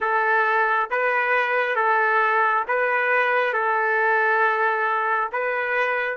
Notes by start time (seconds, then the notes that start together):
0.00 A4
0.90 B4
1.75 A4
2.67 B4
3.53 A4
5.31 B4